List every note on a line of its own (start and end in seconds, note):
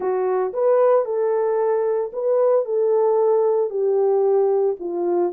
0.00 0.52 F#4
0.53 1.05 B4
1.05 2.11 A4
2.12 2.65 B4
2.65 3.70 A4
3.70 4.76 G4
4.79 5.32 F4